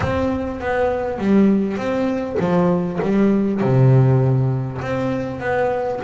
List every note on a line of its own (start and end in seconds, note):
0.00 0.60 C4
0.60 1.18 B3
1.18 1.77 G3
1.77 2.37 C4
2.39 2.99 F3
3.02 3.61 G3
3.61 4.81 C3
4.81 5.40 C4
5.40 6.00 B3